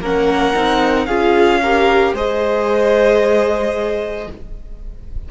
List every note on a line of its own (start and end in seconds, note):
0.00 0.54 A#3
0.00 0.55 C#4
0.00 1.07 A#4
0.00 1.06 F#5
0.55 1.07 C4
0.55 1.08 D#4
1.06 2.13 C#4
1.06 1.62 F4
1.06 1.61 G#4
1.06 2.13 F5
1.62 2.16 G4
1.62 2.15 A#4
2.13 4.27 G#3
2.13 4.30 G#4
2.13 4.29 C5
2.13 4.31 D#5